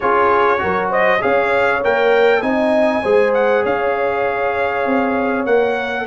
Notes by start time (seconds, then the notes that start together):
0.00 C#4 F4 G#4 C#5
0.58 F#3 F#4 A#4
0.89 C5 D#5
1.20 C#4 G#4 C#5 F5
1.83 A#3 A#4 G5
2.41 C4 D#4 D#5 G#5
3.02 G#3 G#4 C5
3.33 F#5
3.63 C#4 C#5 F5
4.85 C4
5.45 A#3 A#4 F#5